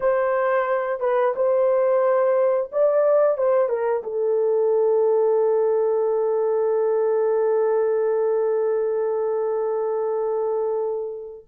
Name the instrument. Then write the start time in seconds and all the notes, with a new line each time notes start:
horn
0.00 C5
1.00 B4
1.35 C5
2.72 D5
3.37 C5
3.68 A#4
4.03 A4